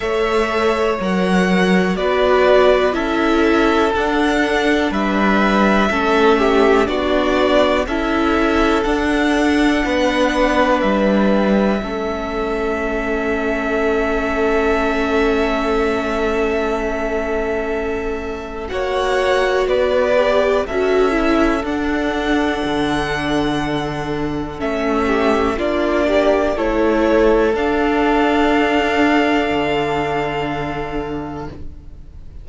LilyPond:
<<
  \new Staff \with { instrumentName = "violin" } { \time 4/4 \tempo 4 = 61 e''4 fis''4 d''4 e''4 | fis''4 e''2 d''4 | e''4 fis''2 e''4~ | e''1~ |
e''2. fis''4 | d''4 e''4 fis''2~ | fis''4 e''4 d''4 cis''4 | f''1 | }
  \new Staff \with { instrumentName = "violin" } { \time 4/4 cis''2 b'4 a'4~ | a'4 b'4 a'8 g'8 fis'4 | a'2 b'2 | a'1~ |
a'2. cis''4 | b'4 a'2.~ | a'4. g'8 f'8 g'8 a'4~ | a'1 | }
  \new Staff \with { instrumentName = "viola" } { \time 4/4 a'4 ais'4 fis'4 e'4 | d'2 cis'4 d'4 | e'4 d'2. | cis'1~ |
cis'2. fis'4~ | fis'8 g'8 fis'8 e'8 d'2~ | d'4 cis'4 d'4 e'4 | d'1 | }
  \new Staff \with { instrumentName = "cello" } { \time 4/4 a4 fis4 b4 cis'4 | d'4 g4 a4 b4 | cis'4 d'4 b4 g4 | a1~ |
a2. ais4 | b4 cis'4 d'4 d4~ | d4 a4 ais4 a4 | d'2 d2 | }
>>